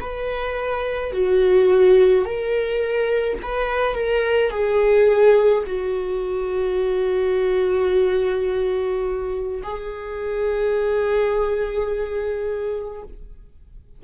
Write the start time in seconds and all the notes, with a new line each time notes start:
0.00 B4
1.12 F#4
2.25 A#4
3.42 B4
3.94 A#4
4.50 G#4
5.66 F#4
9.63 G#4